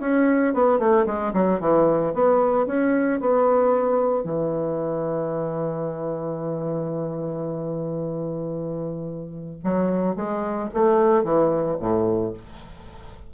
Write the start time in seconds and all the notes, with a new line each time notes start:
0.00 C#4
0.54 B3
0.79 A3
1.06 G#3
1.33 F#3
1.60 E3
2.14 B3
2.67 C#4
3.20 B3
4.24 E3
9.64 F#3
10.16 G#3
10.74 A3
11.24 E3
11.80 A2